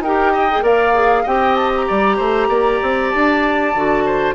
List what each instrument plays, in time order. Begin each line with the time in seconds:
0.00 bassoon D#4, clarinet G4, oboe A#4, flute G5
0.32 oboe D#5
0.51 clarinet G#4
0.62 bassoon A#3, clarinet A#4, oboe D5, flute F5
0.94 clarinet G#4
1.23 bassoon C4, clarinet G4, oboe D#5, flute G5
1.56 flute A5
1.76 flute A#5
1.87 bassoon G3, oboe D5
2.17 bassoon A3, oboe C5
2.49 bassoon A#3, oboe D5
2.82 bassoon C4
3.10 bassoon D4, flute A5
3.75 bassoon D3, clarinet F#4
4.06 oboe C5